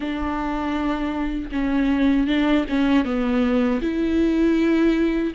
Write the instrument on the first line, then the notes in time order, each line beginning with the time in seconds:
viola
0.00 D4
1.51 C#4
2.27 D4
2.69 C#4
3.04 B3
3.81 E4